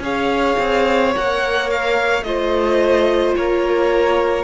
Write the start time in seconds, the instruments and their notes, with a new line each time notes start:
0.00 cello C#4, viola G#4, violin C#5 F5
0.59 cello C4
1.15 cello A#3, viola A#4, violin F#5
1.71 violin F5
2.23 cello A3, viola F4, violin C5 D#5
3.36 cello A#3, violin A#4 C#5